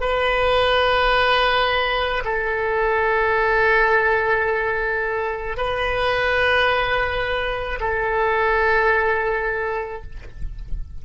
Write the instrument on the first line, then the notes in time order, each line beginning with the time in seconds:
oboe
0.00 B4
2.24 A4
5.57 B4
7.80 A4